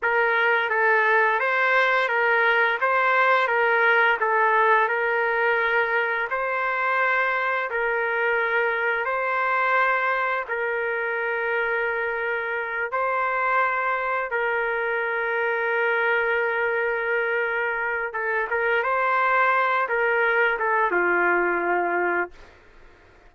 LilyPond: \new Staff \with { instrumentName = "trumpet" } { \time 4/4 \tempo 4 = 86 ais'4 a'4 c''4 ais'4 | c''4 ais'4 a'4 ais'4~ | ais'4 c''2 ais'4~ | ais'4 c''2 ais'4~ |
ais'2~ ais'8 c''4.~ | c''8 ais'2.~ ais'8~ | ais'2 a'8 ais'8 c''4~ | c''8 ais'4 a'8 f'2 | }